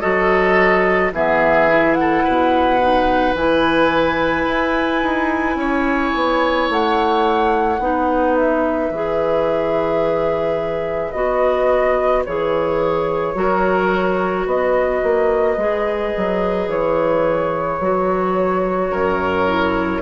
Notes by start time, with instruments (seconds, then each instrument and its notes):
0.00 bassoon F#3, clarinet F#4, oboe A4, flute D#5
1.12 bassoon E3, clarinet B3, oboe G#4, flute E5
1.69 clarinet E4
1.95 oboe A4, flute F#5
2.24 bassoon B2, oboe B4
2.81 clarinet D#4
3.34 bassoon E3, clarinet E4, flute G#5
4.47 bassoon E4
5.03 bassoon D#4
5.56 bassoon C#4, oboe C#5
6.15 bassoon B3
6.70 bassoon A3, flute F#5
7.79 bassoon B3, clarinet D#4, oboe B4
8.36 flute E5
8.90 bassoon E3, clarinet G#4
11.12 bassoon B3, clarinet F#4, flute D#5
12.25 bassoon E3, clarinet G#4, flute C#5
13.35 bassoon F#3, clarinet F#4, oboe A#4
14.46 bassoon B3, oboe B4, flute D#5
15.03 bassoon A#3
15.57 bassoon G#3, clarinet G#4
16.17 bassoon F#3
16.68 bassoon E3, flute C#5
17.80 bassoon F#3, clarinet F#4
18.91 bassoon F#2, oboe A#4
19.47 clarinet E4